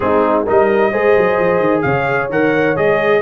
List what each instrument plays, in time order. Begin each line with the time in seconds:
0.00 tuba G#3, trombone C4, horn D#4, trumpet G#4
0.44 tuba G3, trombone D#4, horn A#4, trumpet D#5
0.91 tuba G#3, trombone G#4, horn C5
1.17 tuba F#3
1.38 tuba F3
1.59 tuba D#3
1.81 tuba C#3, horn C#5, trumpet F5
2.29 tuba D#3, trombone A#4, trumpet F#5
2.76 tuba G#3, trombone G#4, trumpet D#5